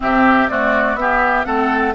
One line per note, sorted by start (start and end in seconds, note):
0.00 0.49 C3
0.00 0.49 C4
0.00 0.50 G4
0.00 0.48 E5
0.48 0.98 A3
0.48 0.94 C4
0.48 0.99 F#4
0.48 0.96 D5
0.94 1.43 B3
0.94 1.45 B3
0.94 1.46 G4
0.94 1.44 E5
1.44 1.94 A3
1.44 1.93 C4
1.44 1.94 A4
1.44 1.93 F#5